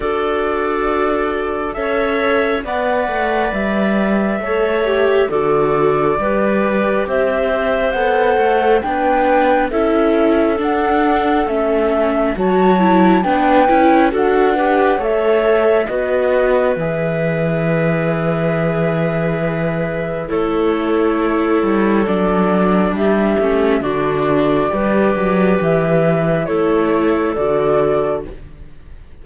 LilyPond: <<
  \new Staff \with { instrumentName = "flute" } { \time 4/4 \tempo 4 = 68 d''2 e''4 fis''4 | e''2 d''2 | e''4 fis''4 g''4 e''4 | fis''4 e''4 a''4 g''4 |
fis''4 e''4 dis''4 e''4~ | e''2. cis''4~ | cis''4 d''4 e''4 d''4~ | d''4 e''4 cis''4 d''4 | }
  \new Staff \with { instrumentName = "clarinet" } { \time 4/4 a'2 cis''4 d''4~ | d''4 cis''4 a'4 b'4 | c''2 b'4 a'4~ | a'2 cis''4 b'4 |
a'8 b'8 cis''4 b'2~ | b'2. a'4~ | a'2 g'4 fis'4 | b'2 a'2 | }
  \new Staff \with { instrumentName = "viola" } { \time 4/4 fis'2 a'4 b'4~ | b'4 a'8 g'8 fis'4 g'4~ | g'4 a'4 d'4 e'4 | d'4 cis'4 fis'8 e'8 d'8 e'8 |
fis'8 g'8 a'4 fis'4 gis'4~ | gis'2. e'4~ | e'4 d'4. cis'8 d'4 | g'2 e'4 fis'4 | }
  \new Staff \with { instrumentName = "cello" } { \time 4/4 d'2 cis'4 b8 a8 | g4 a4 d4 g4 | c'4 b8 a8 b4 cis'4 | d'4 a4 fis4 b8 cis'8 |
d'4 a4 b4 e4~ | e2. a4~ | a8 g8 fis4 g8 a8 d4 | g8 fis8 e4 a4 d4 | }
>>